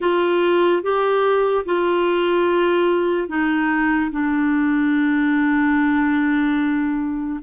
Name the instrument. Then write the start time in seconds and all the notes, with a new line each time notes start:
clarinet
0.00 F4
0.83 G4
1.65 F4
3.28 D#4
4.11 D4